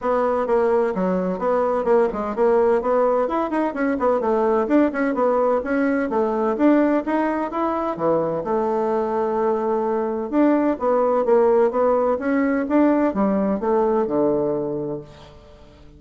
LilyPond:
\new Staff \with { instrumentName = "bassoon" } { \time 4/4 \tempo 4 = 128 b4 ais4 fis4 b4 | ais8 gis8 ais4 b4 e'8 dis'8 | cis'8 b8 a4 d'8 cis'8 b4 | cis'4 a4 d'4 dis'4 |
e'4 e4 a2~ | a2 d'4 b4 | ais4 b4 cis'4 d'4 | g4 a4 d2 | }